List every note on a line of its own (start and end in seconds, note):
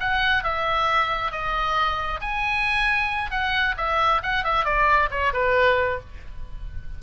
0.00 0.44 F#5
0.44 1.32 E5
1.32 2.20 D#5
2.21 3.31 G#5
3.31 3.75 F#5
3.77 4.22 E5
4.23 4.44 F#5
4.44 4.65 E5
4.65 5.09 D5
5.11 5.33 C#5
5.33 6.00 B4